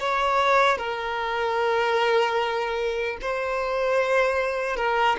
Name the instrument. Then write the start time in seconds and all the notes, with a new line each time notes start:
violin
0.00 C#5
0.78 A#4
3.21 C5
4.77 A#4